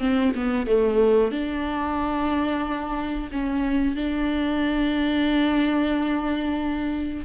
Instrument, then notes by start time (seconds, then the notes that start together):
viola
0.00 C4
0.35 B3
0.67 A3
1.32 D4
3.32 C#4
3.96 D4